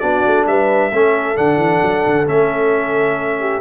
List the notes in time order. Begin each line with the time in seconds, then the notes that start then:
0.00 B3 D4 F#4 D5
0.27 A3
0.47 G3 B4 E5
0.92 A3 C#4 A4
1.36 D3 D4 F#5
1.57 E3
1.82 F#3
2.06 D3
2.27 A3 C#4 E5
3.40 G4